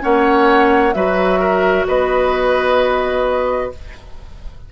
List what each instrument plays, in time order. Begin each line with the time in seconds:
0.00 bassoon A#3, clarinet C#4, oboe C#5, flute F#5
0.93 bassoon F#3, clarinet F#4, oboe B4, flute E5
1.40 oboe A#4
1.87 bassoon B3, oboe B4, flute D#5